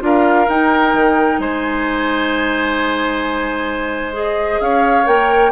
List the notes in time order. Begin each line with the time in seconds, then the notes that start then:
0.00 D4 F4 A#4 F5
0.48 D#4 G5
0.93 D#3
1.38 G#3 C5 G#5
4.12 G#4 D#5
4.60 C#4 C#5 F5
5.05 A#3 A#4 G5